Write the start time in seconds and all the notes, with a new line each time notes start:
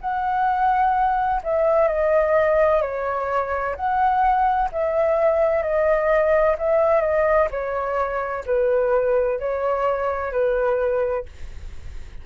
0.00 F#5
1.43 E5
1.87 D#5
2.81 C#5
3.75 F#5
4.71 E5
5.62 D#5
6.58 E5
7.01 D#5
7.50 C#5
8.45 B4
9.39 C#5
10.31 B4